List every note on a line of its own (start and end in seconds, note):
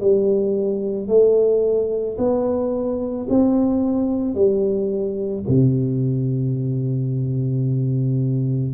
0.00 1.08 G3
1.08 2.17 A3
2.18 3.27 B3
3.29 4.34 C4
4.34 5.43 G3
5.48 8.73 C3